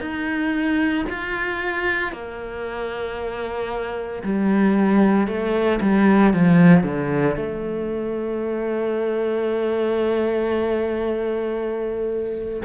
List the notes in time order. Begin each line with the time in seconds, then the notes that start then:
0.00 D#4
1.09 F4
2.12 A#3
4.23 G3
5.27 A3
5.81 G3
6.33 F3
6.83 D3
7.36 A3